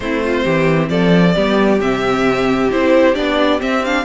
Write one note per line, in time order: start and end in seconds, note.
0.00 0.44 A3
0.00 1.35 C4
0.00 0.24 E4
0.00 0.88 C5
0.24 0.44 F4
0.44 0.90 E3
0.44 0.89 G4
0.89 1.35 F3
0.89 1.34 A4
0.89 1.79 D5
1.34 1.79 G3
1.34 1.80 B3
1.34 4.05 G4
1.79 2.70 C3
1.79 2.70 C4
1.79 2.71 E5
2.70 3.15 C4
2.70 3.14 E4
2.70 3.14 C5
3.14 3.61 B3
3.14 3.59 D4
3.14 3.60 D5
3.59 3.82 C4
3.59 4.05 C4
3.59 3.84 E5
3.84 4.05 D4
3.84 4.05 F5